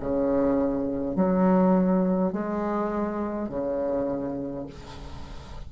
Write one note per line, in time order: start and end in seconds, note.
0.00 1.16 C#3
1.16 2.33 F#3
2.33 3.49 G#3
3.49 4.66 C#3